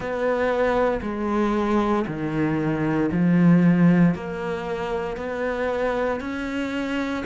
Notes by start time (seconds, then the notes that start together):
0.00 B3
1.02 G#3
2.07 D#3
3.11 F3
4.14 A#3
5.17 B3
6.20 C#4